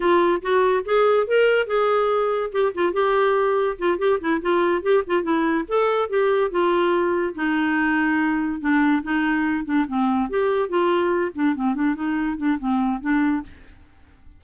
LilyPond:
\new Staff \with { instrumentName = "clarinet" } { \time 4/4 \tempo 4 = 143 f'4 fis'4 gis'4 ais'4 | gis'2 g'8 f'8 g'4~ | g'4 f'8 g'8 e'8 f'4 g'8 | f'8 e'4 a'4 g'4 f'8~ |
f'4. dis'2~ dis'8~ | dis'8 d'4 dis'4. d'8 c'8~ | c'8 g'4 f'4. d'8 c'8 | d'8 dis'4 d'8 c'4 d'4 | }